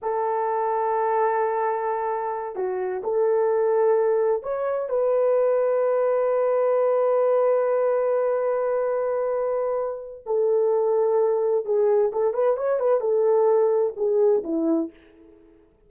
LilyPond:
\new Staff \with { instrumentName = "horn" } { \time 4/4 \tempo 4 = 129 a'1~ | a'4. fis'4 a'4.~ | a'4. cis''4 b'4.~ | b'1~ |
b'1~ | b'2 a'2~ | a'4 gis'4 a'8 b'8 cis''8 b'8 | a'2 gis'4 e'4 | }